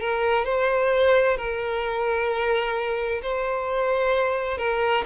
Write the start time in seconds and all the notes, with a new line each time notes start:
0.00 A#4
0.45 C5
1.37 A#4
3.22 C5
4.58 A#4